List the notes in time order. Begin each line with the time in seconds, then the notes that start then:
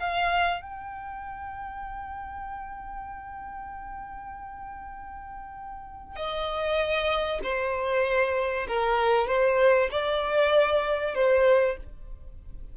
0.00 F5
0.62 G5
6.16 D#5
7.43 C5
8.68 A#4
9.28 C5
9.91 D5
11.15 C5